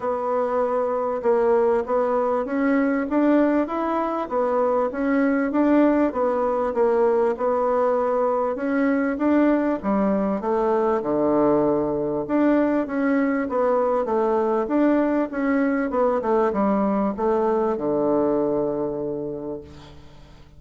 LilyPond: \new Staff \with { instrumentName = "bassoon" } { \time 4/4 \tempo 4 = 98 b2 ais4 b4 | cis'4 d'4 e'4 b4 | cis'4 d'4 b4 ais4 | b2 cis'4 d'4 |
g4 a4 d2 | d'4 cis'4 b4 a4 | d'4 cis'4 b8 a8 g4 | a4 d2. | }